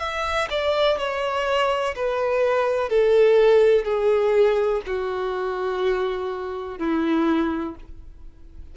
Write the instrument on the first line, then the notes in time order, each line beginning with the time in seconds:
violin
0.00 E5
0.50 D5
0.99 C#5
1.96 B4
2.89 A4
3.85 G#4
4.87 F#4
6.79 E4